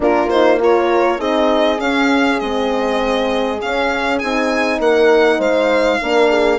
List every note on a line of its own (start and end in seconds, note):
0.00 1.18 A#3
0.00 0.30 D4
0.00 0.60 F4
0.00 0.29 A#4
0.29 0.58 D#4
0.29 0.59 C5
0.58 1.18 F4
0.58 1.19 A#4
0.58 1.20 C#5
1.18 1.79 C4
1.18 1.77 D#4
1.18 4.79 G#4
1.18 1.79 D#5
1.77 2.37 C#4
1.77 2.40 C#4
1.77 2.39 F5
2.39 3.61 G#3
2.39 3.60 C4
2.39 3.59 D#5
3.60 4.20 C#4
3.60 4.21 C#4
3.60 4.18 F5
4.18 4.79 C4
4.18 6.00 D#4
4.18 4.78 G#5
4.79 5.39 A#3
4.79 5.38 A#4
4.79 5.40 F#5
5.38 5.99 G#3
5.38 5.98 C5
5.38 6.58 F5
6.00 6.58 A#3
6.00 6.58 D4
6.00 6.30 A#4
6.30 6.58 G#4